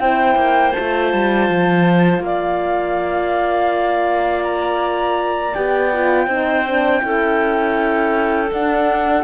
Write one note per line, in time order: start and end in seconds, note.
0.00 0.36 C4
0.00 0.74 E4
0.00 2.24 C5
0.00 0.73 G5
0.36 0.73 A#3
0.73 5.56 F4
0.73 2.21 A5
0.79 1.13 A3
1.13 1.49 G3
1.49 2.20 F3
2.20 5.53 A#3
2.20 4.44 F5
2.26 6.26 D5
4.44 5.55 A#5
5.55 6.27 B3
5.55 5.93 G4
5.55 8.51 G5
5.93 6.29 F4
6.26 7.02 C4
6.26 6.66 D#4
6.26 7.00 C5
6.67 7.02 D4
7.02 8.52 C#4
7.02 8.50 E4
7.02 9.24 A4
8.52 9.24 D4
8.52 9.24 F#5